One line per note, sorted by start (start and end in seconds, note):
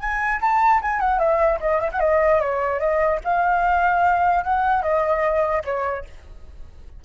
0.00 0.40 G#5
0.41 0.81 A5
0.82 1.00 G#5
1.00 1.19 F#5
1.19 1.59 E5
1.61 1.80 D#5
1.80 1.91 E5
1.92 2.00 F#5
2.00 2.40 D#5
2.40 2.80 C#5
2.80 3.20 D#5
3.25 4.44 F5
4.44 4.82 F#5
4.82 5.63 D#5
5.65 6.05 C#5